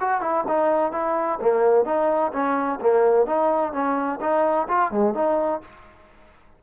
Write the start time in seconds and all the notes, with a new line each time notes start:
0.00 F#4
0.20 E4
0.48 D#4
0.92 E4
1.41 A#3
1.85 D#4
2.32 C#4
2.80 A#3
3.26 D#4
3.72 C#4
4.20 D#4
4.68 F4
4.91 G#3
5.14 D#4